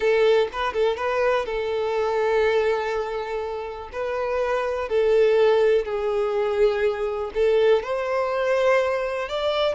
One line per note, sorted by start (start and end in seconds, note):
0.00 0.48 A4
0.52 0.73 B4
0.73 0.96 A4
0.96 1.45 B4
1.45 3.89 A4
3.92 4.88 B4
4.88 5.85 A4
5.85 7.31 G#4
7.34 7.82 A4
7.82 9.29 C5
9.29 9.74 D5